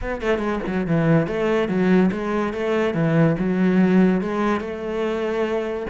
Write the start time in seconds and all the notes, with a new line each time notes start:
0.01 B3
0.21 A3
0.38 G#3
0.67 F#3
0.86 E3
1.27 A3
1.68 F#3
2.11 G#3
2.53 A3
2.94 E3
3.39 F#3
4.21 G#3
4.60 A3